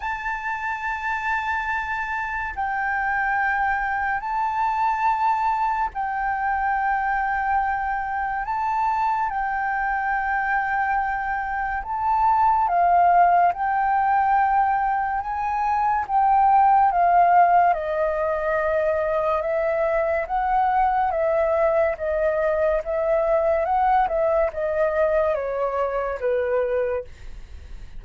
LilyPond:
\new Staff \with { instrumentName = "flute" } { \time 4/4 \tempo 4 = 71 a''2. g''4~ | g''4 a''2 g''4~ | g''2 a''4 g''4~ | g''2 a''4 f''4 |
g''2 gis''4 g''4 | f''4 dis''2 e''4 | fis''4 e''4 dis''4 e''4 | fis''8 e''8 dis''4 cis''4 b'4 | }